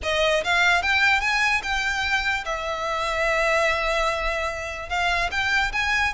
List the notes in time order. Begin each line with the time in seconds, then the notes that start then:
0.02 D#5
0.44 F5
0.82 G5
1.21 G#5
1.62 G5
2.45 E5
4.89 F5
5.31 G5
5.72 G#5